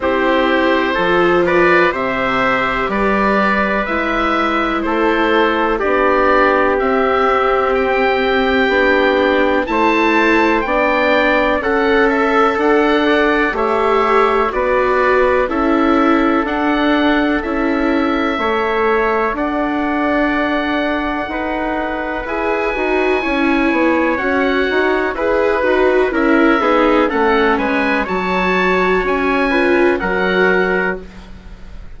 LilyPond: <<
  \new Staff \with { instrumentName = "oboe" } { \time 4/4 \tempo 4 = 62 c''4. d''8 e''4 d''4 | e''4 c''4 d''4 e''4 | g''2 a''4 g''4 | fis''8 e''8 fis''4 e''4 d''4 |
e''4 fis''4 e''2 | fis''2. gis''4~ | gis''4 fis''4 b'4 e''4 | fis''8 gis''8 a''4 gis''4 fis''4 | }
  \new Staff \with { instrumentName = "trumpet" } { \time 4/4 g'4 a'8 b'8 c''4 b'4~ | b'4 a'4 g'2~ | g'2 c''4 d''4 | a'4. d''8 cis''4 b'4 |
a'2. cis''4 | d''2 b'2 | cis''2 b'4 ais'8 gis'8 | a'8 b'8 cis''4. b'8 ais'4 | }
  \new Staff \with { instrumentName = "viola" } { \time 4/4 e'4 f'4 g'2 | e'2 d'4 c'4~ | c'4 d'4 e'4 d'4 | a'2 g'4 fis'4 |
e'4 d'4 e'4 a'4~ | a'2. gis'8 fis'8 | e'4 fis'4 gis'8 fis'8 e'8 dis'8 | cis'4 fis'4. f'8 fis'4 | }
  \new Staff \with { instrumentName = "bassoon" } { \time 4/4 c'4 f4 c4 g4 | gis4 a4 b4 c'4~ | c'4 b4 a4 b4 | cis'4 d'4 a4 b4 |
cis'4 d'4 cis'4 a4 | d'2 dis'4 e'8 dis'8 | cis'8 b8 cis'8 dis'8 e'8 dis'8 cis'8 b8 | a8 gis8 fis4 cis'4 fis4 | }
>>